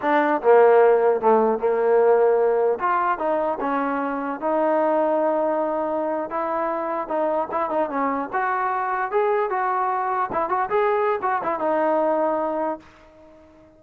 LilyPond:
\new Staff \with { instrumentName = "trombone" } { \time 4/4 \tempo 4 = 150 d'4 ais2 a4 | ais2. f'4 | dis'4 cis'2 dis'4~ | dis'2.~ dis'8. e'16~ |
e'4.~ e'16 dis'4 e'8 dis'8 cis'16~ | cis'8. fis'2 gis'4 fis'16~ | fis'4.~ fis'16 e'8 fis'8 gis'4~ gis'16 | fis'8 e'8 dis'2. | }